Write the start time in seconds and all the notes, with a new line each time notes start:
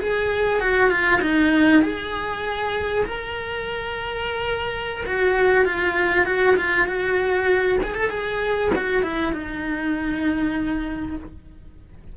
0.00 G#4
0.60 F#4
0.90 F4
1.22 D#4
1.83 G#4
3.05 A#4
5.06 F#4
5.65 F4
6.25 F#4
6.56 F4
6.87 F#4
7.83 G#4
7.95 A4
8.10 G#4
8.75 F#4
9.03 E4
9.33 D#4